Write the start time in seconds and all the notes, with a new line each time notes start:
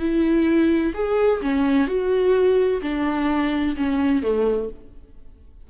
0.00 E4
0.95 G#4
1.42 C#4
1.88 F#4
2.82 D4
3.77 C#4
4.23 A3